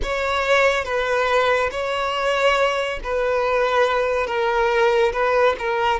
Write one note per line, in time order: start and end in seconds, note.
0.02 0.84 C#5
0.84 1.69 B4
1.71 2.99 C#5
3.03 4.26 B4
4.26 5.12 A#4
5.12 5.55 B4
5.59 6.00 A#4